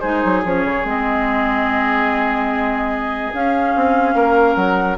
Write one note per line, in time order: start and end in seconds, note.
0.00 0.23 G#3
0.00 0.43 D#4
0.00 4.14 G#4
0.00 0.41 C5
0.24 0.45 F#3
0.45 0.64 F3
0.45 0.84 C#4
0.45 0.86 C#5
0.64 0.84 C#3
0.84 3.32 G#3
0.84 3.32 C4
0.84 3.33 D#5
3.33 3.74 C#4
3.33 4.97 C#4
3.33 4.55 F5
3.75 4.14 C4
4.14 4.55 A#3
4.14 4.97 A#4
4.55 4.97 F#3
4.55 4.96 F#5